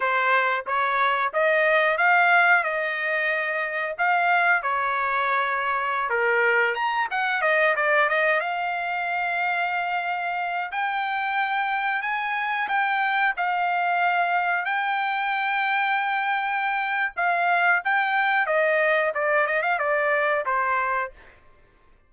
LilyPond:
\new Staff \with { instrumentName = "trumpet" } { \time 4/4 \tempo 4 = 91 c''4 cis''4 dis''4 f''4 | dis''2 f''4 cis''4~ | cis''4~ cis''16 ais'4 ais''8 fis''8 dis''8 d''16~ | d''16 dis''8 f''2.~ f''16~ |
f''16 g''2 gis''4 g''8.~ | g''16 f''2 g''4.~ g''16~ | g''2 f''4 g''4 | dis''4 d''8 dis''16 f''16 d''4 c''4 | }